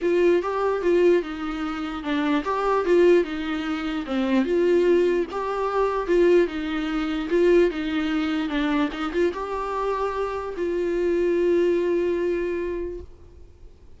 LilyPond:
\new Staff \with { instrumentName = "viola" } { \time 4/4 \tempo 4 = 148 f'4 g'4 f'4 dis'4~ | dis'4 d'4 g'4 f'4 | dis'2 c'4 f'4~ | f'4 g'2 f'4 |
dis'2 f'4 dis'4~ | dis'4 d'4 dis'8 f'8 g'4~ | g'2 f'2~ | f'1 | }